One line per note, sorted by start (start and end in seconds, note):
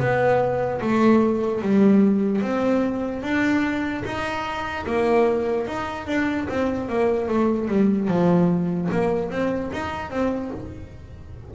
0.00 0.81 B3
0.81 1.63 A3
1.63 2.42 G3
2.42 3.23 C4
3.23 4.04 D4
4.05 4.86 D#4
4.86 5.67 A#3
5.67 6.07 D#4
6.07 6.48 D4
6.49 6.89 C4
6.89 7.29 A#3
7.29 7.68 A3
7.68 8.08 G3
8.08 8.89 F3
8.92 9.31 A#3
9.31 9.71 C4
9.73 10.11 D#4
10.11 10.51 C4